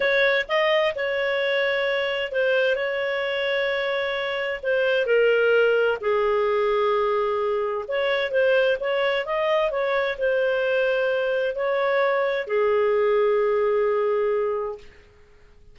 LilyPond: \new Staff \with { instrumentName = "clarinet" } { \time 4/4 \tempo 4 = 130 cis''4 dis''4 cis''2~ | cis''4 c''4 cis''2~ | cis''2 c''4 ais'4~ | ais'4 gis'2.~ |
gis'4 cis''4 c''4 cis''4 | dis''4 cis''4 c''2~ | c''4 cis''2 gis'4~ | gis'1 | }